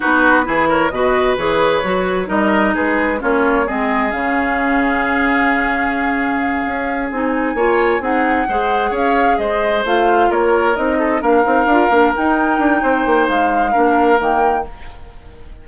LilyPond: <<
  \new Staff \with { instrumentName = "flute" } { \time 4/4 \tempo 4 = 131 b'4. cis''8 dis''4 cis''4~ | cis''4 dis''4 b'4 cis''4 | dis''4 f''2.~ | f''2.~ f''8 gis''8~ |
gis''4. fis''2 f''8~ | f''8 dis''4 f''4 cis''4 dis''8~ | dis''8 f''2 g''4.~ | g''4 f''2 g''4 | }
  \new Staff \with { instrumentName = "oboe" } { \time 4/4 fis'4 gis'8 ais'8 b'2~ | b'4 ais'4 gis'4 f'4 | gis'1~ | gis'1~ |
gis'8 cis''4 gis'4 c''4 cis''8~ | cis''8 c''2 ais'4. | a'8 ais'2.~ ais'8 | c''2 ais'2 | }
  \new Staff \with { instrumentName = "clarinet" } { \time 4/4 dis'4 e'4 fis'4 gis'4 | fis'4 dis'2 cis'4 | c'4 cis'2.~ | cis'2.~ cis'8 dis'8~ |
dis'8 f'4 dis'4 gis'4.~ | gis'4. f'2 dis'8~ | dis'8 d'8 dis'8 f'8 d'8 dis'4.~ | dis'2 d'4 ais4 | }
  \new Staff \with { instrumentName = "bassoon" } { \time 4/4 b4 e4 b,4 e4 | fis4 g4 gis4 ais4 | gis4 cis2.~ | cis2~ cis8 cis'4 c'8~ |
c'8 ais4 c'4 gis4 cis'8~ | cis'8 gis4 a4 ais4 c'8~ | c'8 ais8 c'8 d'8 ais8 dis'4 d'8 | c'8 ais8 gis4 ais4 dis4 | }
>>